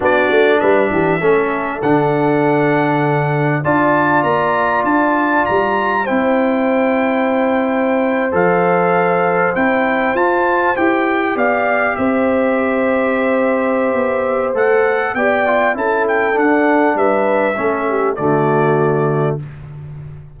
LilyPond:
<<
  \new Staff \with { instrumentName = "trumpet" } { \time 4/4 \tempo 4 = 99 d''4 e''2 fis''4~ | fis''2 a''4 ais''4 | a''4 ais''4 g''2~ | g''4.~ g''16 f''2 g''16~ |
g''8. a''4 g''4 f''4 e''16~ | e''1 | fis''4 g''4 a''8 g''8 fis''4 | e''2 d''2 | }
  \new Staff \with { instrumentName = "horn" } { \time 4/4 fis'4 b'8 g'8 a'2~ | a'2 d''2~ | d''2 c''2~ | c''1~ |
c''2~ c''8. d''4 c''16~ | c''1~ | c''4 d''4 a'2 | b'4 a'8 g'8 fis'2 | }
  \new Staff \with { instrumentName = "trombone" } { \time 4/4 d'2 cis'4 d'4~ | d'2 f'2~ | f'2 e'2~ | e'4.~ e'16 a'2 e'16~ |
e'8. f'4 g'2~ g'16~ | g'1 | a'4 g'8 f'8 e'4 d'4~ | d'4 cis'4 a2 | }
  \new Staff \with { instrumentName = "tuba" } { \time 4/4 b8 a8 g8 e8 a4 d4~ | d2 d'4 ais4 | d'4 g4 c'2~ | c'4.~ c'16 f2 c'16~ |
c'8. f'4 e'4 b4 c'16~ | c'2. b4 | a4 b4 cis'4 d'4 | g4 a4 d2 | }
>>